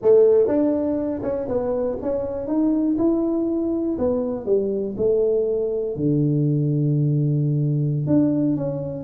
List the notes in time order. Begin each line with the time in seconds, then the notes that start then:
0.01 A3
0.47 D4
1.22 C#4
1.48 B3
2.02 C#4
2.47 D#4
2.98 E4
3.98 B3
4.45 G3
4.97 A3
5.96 D3
8.06 D4
8.56 C#4